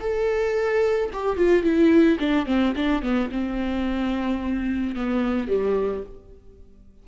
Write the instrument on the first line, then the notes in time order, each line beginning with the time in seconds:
viola
0.00 A4
1.13 G4
1.37 F4
1.63 E4
2.19 D4
2.46 C4
2.76 D4
3.02 B3
3.32 C4
4.95 B3
5.48 G3